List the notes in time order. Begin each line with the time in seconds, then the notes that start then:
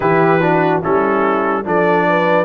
0.00 E3 E4 G4 B4
0.40 D4 F#4
0.82 G3 C#4 E4 A4
1.64 F3 D4 A4 D5
2.08 B4